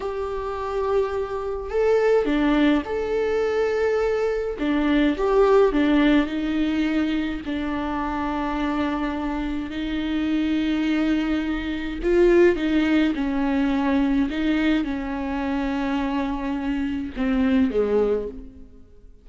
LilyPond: \new Staff \with { instrumentName = "viola" } { \time 4/4 \tempo 4 = 105 g'2. a'4 | d'4 a'2. | d'4 g'4 d'4 dis'4~ | dis'4 d'2.~ |
d'4 dis'2.~ | dis'4 f'4 dis'4 cis'4~ | cis'4 dis'4 cis'2~ | cis'2 c'4 gis4 | }